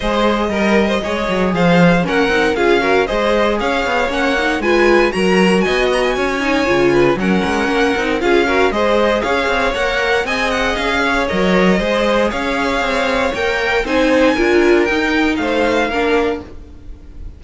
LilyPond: <<
  \new Staff \with { instrumentName = "violin" } { \time 4/4 \tempo 4 = 117 dis''2. f''4 | fis''4 f''4 dis''4 f''4 | fis''4 gis''4 ais''4 gis''8 ais''16 gis''16~ | gis''2 fis''2 |
f''4 dis''4 f''4 fis''4 | gis''8 fis''8 f''4 dis''2 | f''2 g''4 gis''4~ | gis''4 g''4 f''2 | }
  \new Staff \with { instrumentName = "violin" } { \time 4/4 c''4 ais'8. c''16 cis''4 c''4 | ais'4 gis'8 ais'8 c''4 cis''4~ | cis''4 b'4 ais'4 dis''4 | cis''4. b'8 ais'2 |
gis'8 ais'8 c''4 cis''2 | dis''4. cis''4. c''4 | cis''2. c''4 | ais'2 c''4 ais'4 | }
  \new Staff \with { instrumentName = "viola" } { \time 4/4 gis'4 ais'4 gis'2 | cis'8 dis'8 f'8 fis'8 gis'2 | cis'8 dis'8 f'4 fis'2~ | fis'8 dis'8 f'4 cis'4. dis'8 |
f'8 fis'8 gis'2 ais'4 | gis'2 ais'4 gis'4~ | gis'2 ais'4 dis'4 | f'4 dis'2 d'4 | }
  \new Staff \with { instrumentName = "cello" } { \time 4/4 gis4 g4 gis8 fis8 f4 | ais8 c'8 cis'4 gis4 cis'8 b8 | ais4 gis4 fis4 b4 | cis'4 cis4 fis8 gis8 ais8 c'8 |
cis'4 gis4 cis'8 c'8 ais4 | c'4 cis'4 fis4 gis4 | cis'4 c'4 ais4 c'4 | d'4 dis'4 a4 ais4 | }
>>